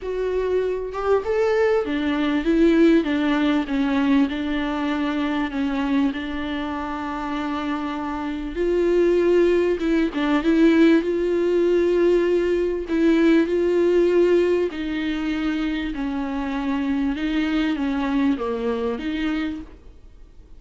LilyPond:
\new Staff \with { instrumentName = "viola" } { \time 4/4 \tempo 4 = 98 fis'4. g'8 a'4 d'4 | e'4 d'4 cis'4 d'4~ | d'4 cis'4 d'2~ | d'2 f'2 |
e'8 d'8 e'4 f'2~ | f'4 e'4 f'2 | dis'2 cis'2 | dis'4 cis'4 ais4 dis'4 | }